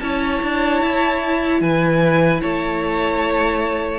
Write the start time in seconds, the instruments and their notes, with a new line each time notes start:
0.00 cello C#4, viola E4, violin C#5 A5
0.42 cello D4
0.81 cello E4
1.61 cello E3, violin B4 G#5
2.41 cello A3, violin C#5 A5